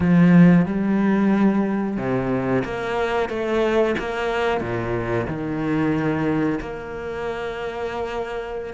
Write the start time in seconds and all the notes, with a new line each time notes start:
0.00 F3
0.65 G3
1.97 C3
2.64 A#3
3.29 A3
3.99 A#3
4.60 A#2
5.27 D#3
6.60 A#3